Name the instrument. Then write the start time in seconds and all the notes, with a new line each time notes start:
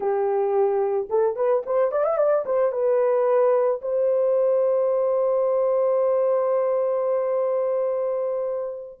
horn
0.00 G4
1.09 A4
1.36 B4
1.66 C5
1.91 D5
2.04 E5
2.17 D5
2.45 C5
2.71 B4
3.81 C5